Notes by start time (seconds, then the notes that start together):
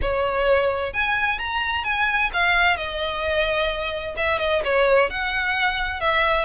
0.01 C#5
0.93 G#5
1.38 A#5
1.84 G#5
2.33 F5
2.77 D#5
4.16 E5
4.38 D#5
4.64 C#5
5.09 F#5
6.00 E5